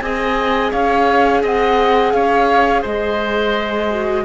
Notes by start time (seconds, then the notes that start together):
0.00 C4 G#4 D#5 G#5
0.72 C#4 C#5 F5
1.43 C4 D#5 F#5
2.13 C#4 C#5 F5
2.82 G#3 C5 D#5
3.91 F#4